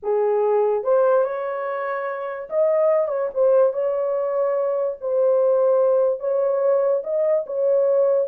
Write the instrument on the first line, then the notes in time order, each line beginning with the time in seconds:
horn
0.02 G#4
0.83 C5
1.24 C#5
2.49 D#5
3.08 C#5
3.34 C5
3.73 C#5
5.00 C5
6.19 C#5
7.03 D#5
7.46 C#5